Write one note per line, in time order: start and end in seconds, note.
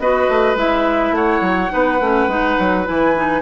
0.00 0.29 B3
0.00 0.57 F#4
0.00 1.16 B4
0.00 0.57 D#5
0.29 0.56 A3
0.56 1.12 G#3
0.56 1.70 E4
0.56 1.15 E5
1.12 1.40 A3
1.12 1.73 C#5
1.12 2.87 F#5
1.41 1.70 F#3
1.70 2.01 B3
1.70 1.99 D#4
1.70 3.42 B4
2.01 2.28 A3
2.01 2.30 C#4
2.28 2.57 G#3
2.28 2.85 D#4
2.60 2.88 F#3
2.85 3.42 E3
2.85 3.14 E4
2.85 3.42 G#5
3.16 3.42 D#4